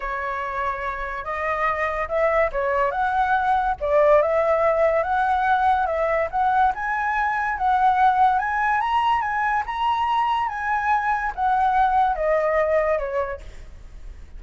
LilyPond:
\new Staff \with { instrumentName = "flute" } { \time 4/4 \tempo 4 = 143 cis''2. dis''4~ | dis''4 e''4 cis''4 fis''4~ | fis''4 d''4 e''2 | fis''2 e''4 fis''4 |
gis''2 fis''2 | gis''4 ais''4 gis''4 ais''4~ | ais''4 gis''2 fis''4~ | fis''4 dis''2 cis''4 | }